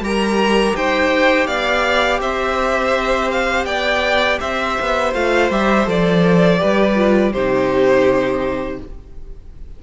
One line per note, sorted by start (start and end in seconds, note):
0.00 0.73 G3
0.00 5.14 G4
0.00 0.75 A#4
0.00 0.76 A#5
0.75 1.47 D#4
0.75 1.46 C5
0.75 1.46 G5
1.46 2.20 B3
1.46 2.20 D5
1.46 2.20 F5
2.20 3.65 C4
2.20 3.66 C5
2.20 3.31 E5
3.31 3.65 F5
3.65 4.38 B3
3.65 4.39 D5
3.65 4.38 G5
4.40 4.78 C4
4.40 6.59 C5
4.40 5.13 E5
4.80 5.14 B3
5.14 5.50 A3
5.14 5.50 F4
5.14 5.51 F5
5.50 5.87 G3
5.50 5.85 G4
5.50 5.88 E5
5.85 6.60 F3
5.85 6.58 A4
5.85 7.33 D5
6.58 7.32 G3
6.58 6.95 G4
6.58 7.32 B4
6.95 7.32 F4
7.32 8.79 C3
7.32 8.83 D#4
7.32 8.79 G4
7.32 8.79 C5